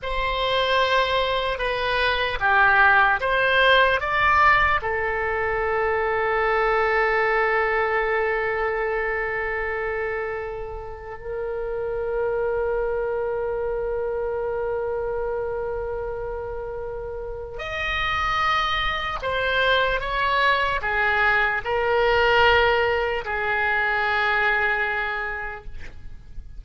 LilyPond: \new Staff \with { instrumentName = "oboe" } { \time 4/4 \tempo 4 = 75 c''2 b'4 g'4 | c''4 d''4 a'2~ | a'1~ | a'2 ais'2~ |
ais'1~ | ais'2 dis''2 | c''4 cis''4 gis'4 ais'4~ | ais'4 gis'2. | }